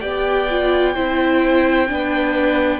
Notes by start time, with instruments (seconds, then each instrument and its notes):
0.00 cello B3, viola G4, violin D5 G5
0.49 viola F4
0.94 cello C4, viola E4, violin C5
1.88 cello B3, viola D4, violin B4